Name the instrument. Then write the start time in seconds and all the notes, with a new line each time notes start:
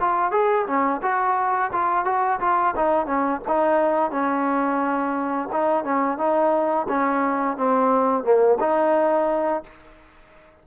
trombone
0.00 F4
0.31 G#4
0.66 C#4
1.02 F#4
1.72 F4
2.05 F#4
2.40 F4
2.76 D#4
3.06 C#4
3.48 D#4
4.11 C#4
5.52 D#4
5.84 C#4
6.18 D#4
6.88 C#4
7.57 C4
8.24 A#3
8.60 D#4